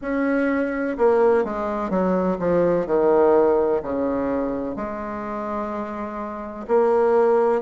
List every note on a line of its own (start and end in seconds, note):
0.01 0.97 C#4
0.97 1.44 A#3
1.44 1.90 G#3
1.90 2.37 F#3
2.39 2.86 F3
2.86 3.81 D#3
3.82 4.76 C#3
4.76 6.66 G#3
6.67 7.61 A#3